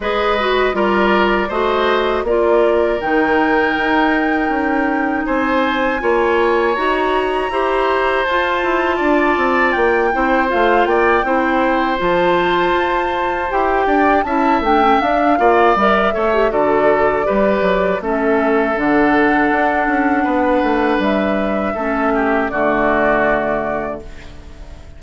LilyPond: <<
  \new Staff \with { instrumentName = "flute" } { \time 4/4 \tempo 4 = 80 dis''4 d''4 dis''4 d''4 | g''2. gis''4~ | gis''4 ais''2 a''4~ | a''4 g''4 f''8 g''4. |
a''2 g''4 a''8 g''8 | f''4 e''4 d''2 | e''4 fis''2. | e''2 d''2 | }
  \new Staff \with { instrumentName = "oboe" } { \time 4/4 b'4 ais'4 c''4 ais'4~ | ais'2. c''4 | cis''2 c''2 | d''4. c''4 d''8 c''4~ |
c''2~ c''8 d''8 e''4~ | e''8 d''4 cis''8 a'4 b'4 | a'2. b'4~ | b'4 a'8 g'8 fis'2 | }
  \new Staff \with { instrumentName = "clarinet" } { \time 4/4 gis'8 fis'8 f'4 fis'4 f'4 | dis'1 | f'4 fis'4 g'4 f'4~ | f'4. e'8 f'4 e'4 |
f'2 g'4 e'8 d'16 cis'16 | d'8 f'8 ais'8 a'16 g'16 fis'4 g'4 | cis'4 d'2.~ | d'4 cis'4 a2 | }
  \new Staff \with { instrumentName = "bassoon" } { \time 4/4 gis4 g4 a4 ais4 | dis4 dis'4 cis'4 c'4 | ais4 dis'4 e'4 f'8 e'8 | d'8 c'8 ais8 c'8 a8 ais8 c'4 |
f4 f'4 e'8 d'8 cis'8 a8 | d'8 ais8 g8 a8 d4 g8 fis8 | a4 d4 d'8 cis'8 b8 a8 | g4 a4 d2 | }
>>